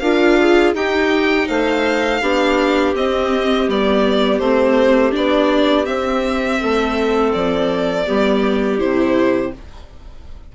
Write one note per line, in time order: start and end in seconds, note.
0.00 0.74 D4
0.00 0.76 F4
0.00 0.39 A#4
0.00 0.73 F5
0.40 0.75 G#4
0.74 1.47 D#4
0.74 2.22 D#4
0.74 1.48 G4
0.74 1.48 G5
1.48 2.22 A3
1.48 2.21 C5
1.48 2.95 F5
2.22 2.95 B3
2.22 2.96 D4
2.22 6.61 G4
2.95 3.68 C4
2.95 3.69 C4
2.95 3.70 D#5
3.68 4.40 G3
3.68 4.42 B3
3.68 4.39 D5
4.39 5.13 A3
4.39 5.12 C4
4.39 5.12 C5
5.12 5.87 B3
5.12 5.85 D4
5.12 5.86 D5
5.85 8.05 C4
5.85 6.61 C4
5.85 7.32 E5
6.61 7.35 A3
6.61 8.07 A4
7.33 8.08 F3
7.33 8.80 D5
8.07 8.82 G3
8.07 8.79 B3
8.07 9.53 G4
8.79 9.55 C3
8.79 9.52 E4
8.79 9.53 C5